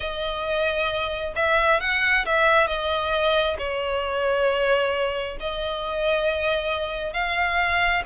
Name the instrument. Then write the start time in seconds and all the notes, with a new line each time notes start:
violin
0.00 D#5
1.35 E5
1.80 F#5
2.26 E5
2.67 D#5
3.58 C#5
5.40 D#5
7.13 F5